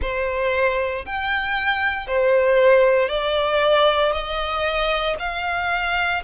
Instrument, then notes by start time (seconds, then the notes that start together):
violin
0.01 C5
1.05 G5
2.07 C5
3.08 D5
4.12 D#5
5.19 F5